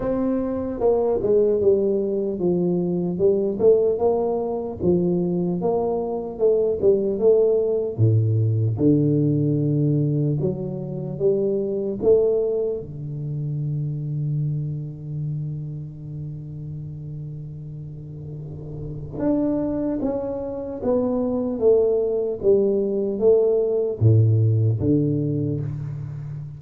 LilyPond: \new Staff \with { instrumentName = "tuba" } { \time 4/4 \tempo 4 = 75 c'4 ais8 gis8 g4 f4 | g8 a8 ais4 f4 ais4 | a8 g8 a4 a,4 d4~ | d4 fis4 g4 a4 |
d1~ | d1 | d'4 cis'4 b4 a4 | g4 a4 a,4 d4 | }